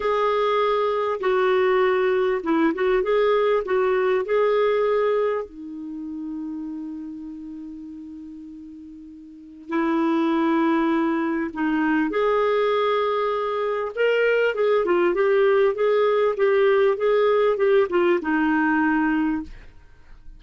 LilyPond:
\new Staff \with { instrumentName = "clarinet" } { \time 4/4 \tempo 4 = 99 gis'2 fis'2 | e'8 fis'8 gis'4 fis'4 gis'4~ | gis'4 dis'2.~ | dis'1 |
e'2. dis'4 | gis'2. ais'4 | gis'8 f'8 g'4 gis'4 g'4 | gis'4 g'8 f'8 dis'2 | }